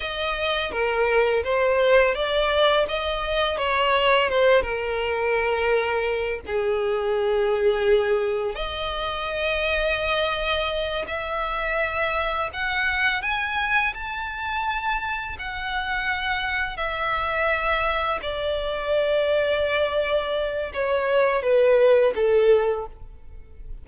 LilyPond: \new Staff \with { instrumentName = "violin" } { \time 4/4 \tempo 4 = 84 dis''4 ais'4 c''4 d''4 | dis''4 cis''4 c''8 ais'4.~ | ais'4 gis'2. | dis''2.~ dis''8 e''8~ |
e''4. fis''4 gis''4 a''8~ | a''4. fis''2 e''8~ | e''4. d''2~ d''8~ | d''4 cis''4 b'4 a'4 | }